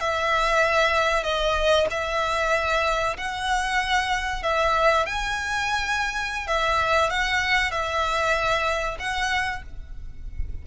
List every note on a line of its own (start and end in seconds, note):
0.00 1.23 E5
1.23 1.86 D#5
1.90 3.17 E5
3.17 4.43 F#5
4.43 5.06 E5
5.06 6.47 G#5
6.47 7.10 E5
7.10 7.71 F#5
7.71 8.97 E5
8.99 9.62 F#5